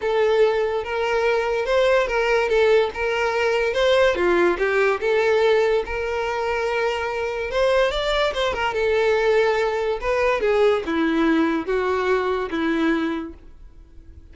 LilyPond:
\new Staff \with { instrumentName = "violin" } { \time 4/4 \tempo 4 = 144 a'2 ais'2 | c''4 ais'4 a'4 ais'4~ | ais'4 c''4 f'4 g'4 | a'2 ais'2~ |
ais'2 c''4 d''4 | c''8 ais'8 a'2. | b'4 gis'4 e'2 | fis'2 e'2 | }